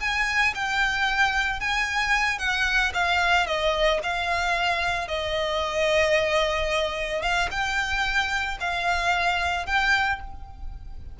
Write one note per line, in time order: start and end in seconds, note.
0.00 0.54 G#5
0.54 1.60 G5
1.60 2.38 G#5
2.38 2.92 F#5
2.93 3.47 F5
3.47 4.00 D#5
4.03 5.07 F5
5.07 7.22 D#5
7.22 7.49 F5
7.50 8.58 G5
8.60 9.66 F5
9.66 10.20 G5